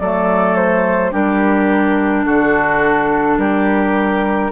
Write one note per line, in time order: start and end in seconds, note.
0.00 1.13 F#3
0.00 1.12 A3
0.00 1.12 A4
0.00 0.56 D5
0.56 1.12 C5
1.12 2.26 G3
1.12 4.51 D4
1.12 2.25 G4
1.12 2.26 A#4
2.25 3.37 D3
2.25 3.38 F#4
2.25 3.38 A4
3.37 4.50 G3
3.37 4.52 G4
3.37 4.52 A#4